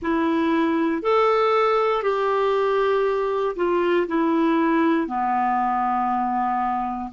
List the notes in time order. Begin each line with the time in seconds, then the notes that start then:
0.01 E4
1.02 A4
2.02 G4
3.55 F4
4.07 E4
5.07 B3